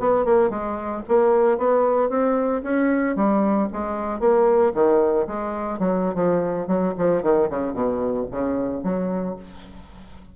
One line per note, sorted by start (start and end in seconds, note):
0.00 0.25 B3
0.25 0.50 A#3
0.50 1.03 G#3
1.08 1.58 A#3
1.58 2.10 B3
2.10 2.62 C4
2.63 3.16 C#4
3.16 3.68 G3
3.72 4.20 G#3
4.20 4.72 A#3
4.74 5.27 D#3
5.27 5.79 G#3
5.79 6.15 F#3
6.15 6.67 F3
6.67 6.94 F#3
6.98 7.23 F3
7.23 7.49 D#3
7.50 7.74 C#3
7.74 8.26 B2
8.31 8.83 C#3
8.83 9.36 F#3